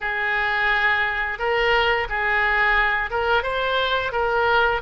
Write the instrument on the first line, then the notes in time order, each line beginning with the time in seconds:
oboe
0.00 G#4
1.38 A#4
2.09 G#4
3.10 A#4
3.43 C5
4.12 A#4